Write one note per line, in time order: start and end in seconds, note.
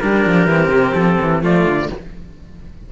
0.00 0.25 G3
0.00 0.49 D4
0.00 1.41 G4
0.00 0.94 A#4
0.25 0.46 F3
0.46 0.68 E3
0.46 1.41 C4
0.68 0.92 C3
0.94 1.18 F3
0.94 1.41 A4
1.21 1.43 E3
1.41 1.65 F3
1.41 1.88 A3
1.41 1.89 F4
1.41 1.92 D5
1.65 1.88 D3